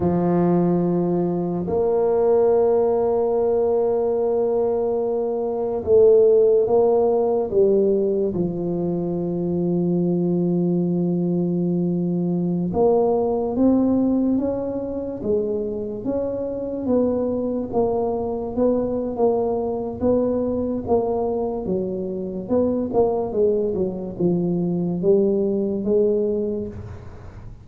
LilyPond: \new Staff \with { instrumentName = "tuba" } { \time 4/4 \tempo 4 = 72 f2 ais2~ | ais2. a4 | ais4 g4 f2~ | f2.~ f16 ais8.~ |
ais16 c'4 cis'4 gis4 cis'8.~ | cis'16 b4 ais4 b8. ais4 | b4 ais4 fis4 b8 ais8 | gis8 fis8 f4 g4 gis4 | }